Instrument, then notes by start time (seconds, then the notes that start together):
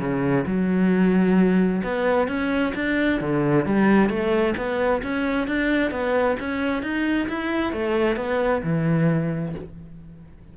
cello
0.00 C#3
0.46 F#3
1.84 B3
2.28 C#4
2.76 D4
3.21 D3
3.66 G3
4.10 A3
4.57 B3
5.03 C#4
5.48 D4
5.92 B3
6.40 C#4
6.83 D#4
7.29 E4
7.73 A3
8.17 B3
8.64 E3